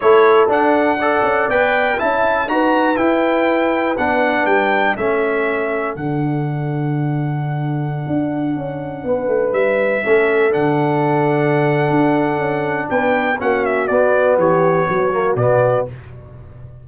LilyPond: <<
  \new Staff \with { instrumentName = "trumpet" } { \time 4/4 \tempo 4 = 121 cis''4 fis''2 g''4 | a''4 ais''4 g''2 | fis''4 g''4 e''2 | fis''1~ |
fis''2.~ fis''16 e''8.~ | e''4~ e''16 fis''2~ fis''8.~ | fis''2 g''4 fis''8 e''8 | d''4 cis''2 d''4 | }
  \new Staff \with { instrumentName = "horn" } { \time 4/4 a'2 d''2 | e''4 b'2.~ | b'2 a'2~ | a'1~ |
a'2~ a'16 b'4.~ b'16~ | b'16 a'2.~ a'8.~ | a'2 b'4 fis'4~ | fis'4 g'4 fis'2 | }
  \new Staff \with { instrumentName = "trombone" } { \time 4/4 e'4 d'4 a'4 b'4 | e'4 fis'4 e'2 | d'2 cis'2 | d'1~ |
d'1~ | d'16 cis'4 d'2~ d'8.~ | d'2. cis'4 | b2~ b8 ais8 b4 | }
  \new Staff \with { instrumentName = "tuba" } { \time 4/4 a4 d'4. cis'8 b4 | cis'4 dis'4 e'2 | b4 g4 a2 | d1~ |
d16 d'4 cis'4 b8 a8 g8.~ | g16 a4 d2~ d8. | d'4 cis'4 b4 ais4 | b4 e4 fis4 b,4 | }
>>